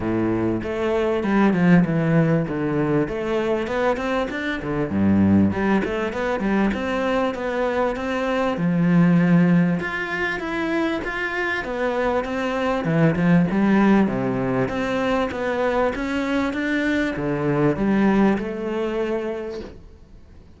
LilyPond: \new Staff \with { instrumentName = "cello" } { \time 4/4 \tempo 4 = 98 a,4 a4 g8 f8 e4 | d4 a4 b8 c'8 d'8 d8 | g,4 g8 a8 b8 g8 c'4 | b4 c'4 f2 |
f'4 e'4 f'4 b4 | c'4 e8 f8 g4 c4 | c'4 b4 cis'4 d'4 | d4 g4 a2 | }